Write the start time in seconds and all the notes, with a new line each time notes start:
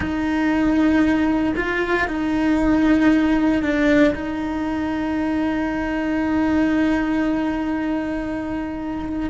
0.00 D#4
1.56 F4
2.07 D#4
3.62 D4
4.14 D#4